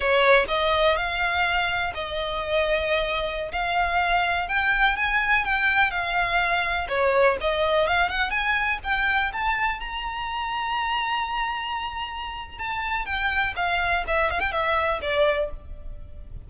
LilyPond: \new Staff \with { instrumentName = "violin" } { \time 4/4 \tempo 4 = 124 cis''4 dis''4 f''2 | dis''2.~ dis''16 f''8.~ | f''4~ f''16 g''4 gis''4 g''8.~ | g''16 f''2 cis''4 dis''8.~ |
dis''16 f''8 fis''8 gis''4 g''4 a''8.~ | a''16 ais''2.~ ais''8.~ | ais''2 a''4 g''4 | f''4 e''8 f''16 g''16 e''4 d''4 | }